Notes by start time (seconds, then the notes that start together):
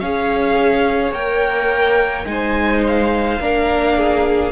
0.00 C#4 G#4 C#5 F5
1.12 A#3 A#4 G5
2.25 G#3 D#4 C5 G#5
2.87 F5
3.40 A#3 D4 A#4
3.98 G#4